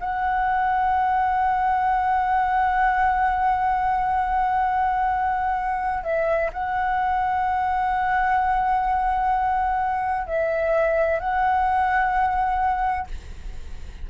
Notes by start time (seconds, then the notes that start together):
0.00 F#5
6.04 E5
6.53 F#5
10.27 E5
11.20 F#5